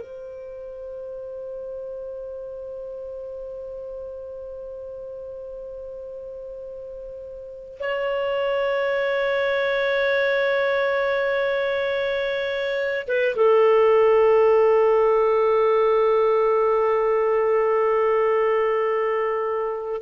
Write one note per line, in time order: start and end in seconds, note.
0.00 7.78 C5
7.79 13.07 C#5
13.07 13.35 B4
13.35 20.01 A4